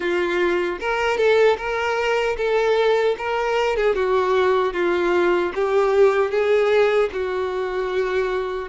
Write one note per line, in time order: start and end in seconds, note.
0.00 0.79 F4
0.80 1.17 A#4
1.17 1.56 A4
1.57 2.36 A#4
2.37 3.16 A4
3.18 3.76 A#4
3.76 3.95 G#4
3.95 4.73 F#4
4.73 5.52 F4
5.54 6.30 G4
6.30 7.09 G#4
7.12 8.68 F#4